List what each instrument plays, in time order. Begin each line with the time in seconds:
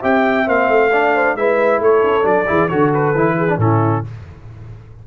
0.00 tuba C4, trombone G4, horn E5, trumpet G5
0.45 tuba A#3, trombone C4, trumpet F5
0.68 tuba A3
0.91 trombone D4, horn D5
1.14 horn C5
1.35 tuba G#3, trombone E4, horn B4, trumpet E5
1.80 tuba A3, horn A4, trumpet C#5
2.03 tuba C#4
2.22 tuba F#3, trombone D4, trumpet D5
2.46 tuba E3, trombone E4, horn G#4
2.68 tuba D3, trombone F#4, horn A4, trumpet C#5
2.94 trumpet B4
3.14 tuba E3, trombone E4
3.36 horn G#4
3.48 trombone D4
3.57 tuba A2, trombone C#4, horn E4, trumpet A4